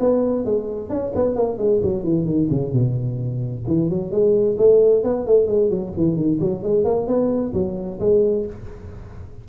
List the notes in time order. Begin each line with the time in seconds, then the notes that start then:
0.00 B3
0.45 G#3
0.90 C#4
1.15 B3
1.36 A#3
1.58 G#3
1.83 F#3
2.04 E3
2.26 D#3
2.50 C#3
2.73 B2
3.67 E3
3.90 F#3
4.11 G#3
4.58 A3
5.04 B3
5.27 A3
5.47 G#3
5.70 F#3
5.97 E3
6.16 D#3
6.41 F#3
6.63 G#3
6.85 A#3
7.07 B3
7.54 F#3
8.00 G#3